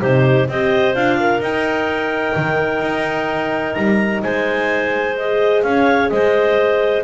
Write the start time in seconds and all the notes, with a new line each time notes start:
0.00 C3 D#4 G4 C5
0.48 C4 G4 C5 D#5
0.95 D4 F4 F5
1.20 A#4
1.40 D#4 G5
2.36 D#3
2.81 D#4
3.74 G3 A#5
4.23 G#3 C5 G#5
5.17 G#4 D#5
5.62 C#4 C#5 F5
6.09 G#3 C5 D#5